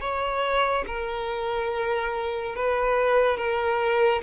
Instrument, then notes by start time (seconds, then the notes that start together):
violin
0.00 C#5
0.87 A#4
2.55 B4
3.37 A#4